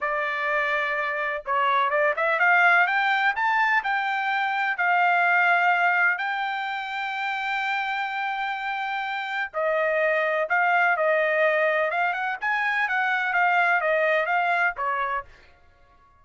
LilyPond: \new Staff \with { instrumentName = "trumpet" } { \time 4/4 \tempo 4 = 126 d''2. cis''4 | d''8 e''8 f''4 g''4 a''4 | g''2 f''2~ | f''4 g''2.~ |
g''1 | dis''2 f''4 dis''4~ | dis''4 f''8 fis''8 gis''4 fis''4 | f''4 dis''4 f''4 cis''4 | }